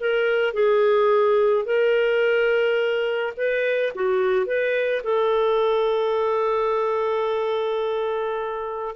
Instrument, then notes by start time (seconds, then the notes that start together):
clarinet
0.00 A#4
0.54 G#4
1.65 A#4
3.37 B4
3.95 F#4
4.46 B4
5.03 A4